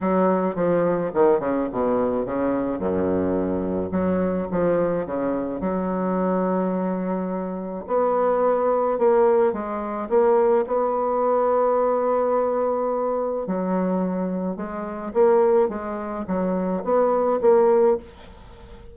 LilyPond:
\new Staff \with { instrumentName = "bassoon" } { \time 4/4 \tempo 4 = 107 fis4 f4 dis8 cis8 b,4 | cis4 fis,2 fis4 | f4 cis4 fis2~ | fis2 b2 |
ais4 gis4 ais4 b4~ | b1 | fis2 gis4 ais4 | gis4 fis4 b4 ais4 | }